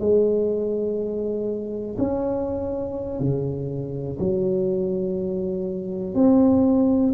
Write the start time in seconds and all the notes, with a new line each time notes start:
0.00 G#3
1.99 C#4
3.20 C#3
4.19 F#3
6.15 C4